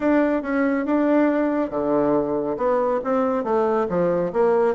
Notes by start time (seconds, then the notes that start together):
0.00 D4
0.42 C#4
0.85 D4
1.70 D3
2.57 B3
3.04 C4
3.43 A3
3.89 F3
4.33 A#3